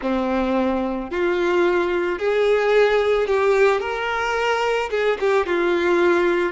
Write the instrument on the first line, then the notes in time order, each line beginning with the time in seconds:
violin
0.01 C4
1.10 F4
2.18 G#4
3.27 G4
3.80 A#4
4.90 G#4
5.20 G4
5.45 F4